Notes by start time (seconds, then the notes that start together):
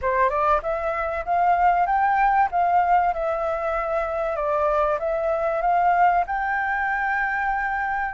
0.01 C5
0.29 D5
0.62 E5
1.25 F5
1.86 G5
2.51 F5
3.13 E5
4.36 D5
4.99 E5
5.61 F5
6.26 G5